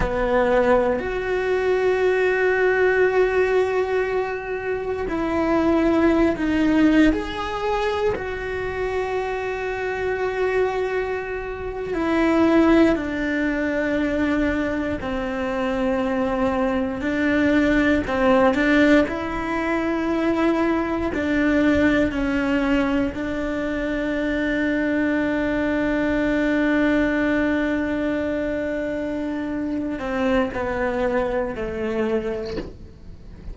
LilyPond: \new Staff \with { instrumentName = "cello" } { \time 4/4 \tempo 4 = 59 b4 fis'2.~ | fis'4 e'4~ e'16 dis'8. gis'4 | fis'2.~ fis'8. e'16~ | e'8. d'2 c'4~ c'16~ |
c'8. d'4 c'8 d'8 e'4~ e'16~ | e'8. d'4 cis'4 d'4~ d'16~ | d'1~ | d'4. c'8 b4 a4 | }